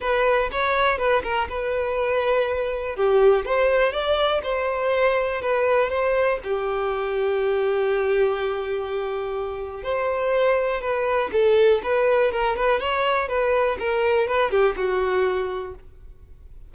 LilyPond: \new Staff \with { instrumentName = "violin" } { \time 4/4 \tempo 4 = 122 b'4 cis''4 b'8 ais'8 b'4~ | b'2 g'4 c''4 | d''4 c''2 b'4 | c''4 g'2.~ |
g'1 | c''2 b'4 a'4 | b'4 ais'8 b'8 cis''4 b'4 | ais'4 b'8 g'8 fis'2 | }